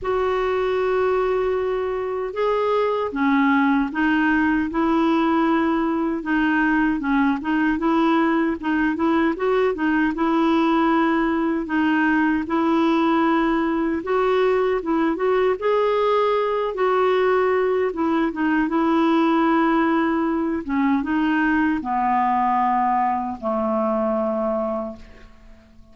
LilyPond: \new Staff \with { instrumentName = "clarinet" } { \time 4/4 \tempo 4 = 77 fis'2. gis'4 | cis'4 dis'4 e'2 | dis'4 cis'8 dis'8 e'4 dis'8 e'8 | fis'8 dis'8 e'2 dis'4 |
e'2 fis'4 e'8 fis'8 | gis'4. fis'4. e'8 dis'8 | e'2~ e'8 cis'8 dis'4 | b2 a2 | }